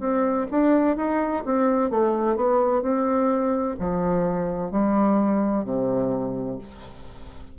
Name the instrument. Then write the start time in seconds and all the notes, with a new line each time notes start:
bassoon
0.00 C4
0.51 D4
0.97 D#4
1.46 C4
1.90 A3
2.37 B3
2.82 C4
3.80 F3
4.71 G3
5.65 C3